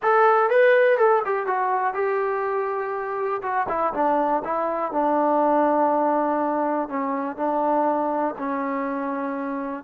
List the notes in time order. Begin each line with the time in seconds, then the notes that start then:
0.02 A4
0.49 B4
0.97 A4
1.25 G4
1.46 F#4
1.94 G4
3.42 F#4
3.68 E4
3.93 D4
4.44 E4
4.92 D4
6.89 C#4
7.36 D4
8.38 C#4